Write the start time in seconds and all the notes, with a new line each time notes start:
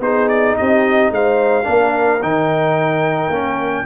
0.00 B3 D#4 G#4 C5
0.28 D5
0.57 C4 G4 D#5
1.11 G#3 C5 F5
1.64 A#3 D4 A#4
2.22 D#3 D#4 G5
3.28 A#3 C#4